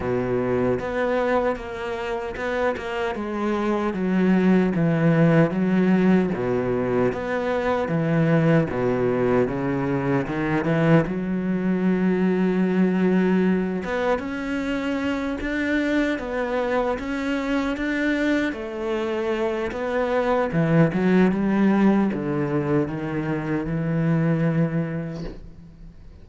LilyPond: \new Staff \with { instrumentName = "cello" } { \time 4/4 \tempo 4 = 76 b,4 b4 ais4 b8 ais8 | gis4 fis4 e4 fis4 | b,4 b4 e4 b,4 | cis4 dis8 e8 fis2~ |
fis4. b8 cis'4. d'8~ | d'8 b4 cis'4 d'4 a8~ | a4 b4 e8 fis8 g4 | d4 dis4 e2 | }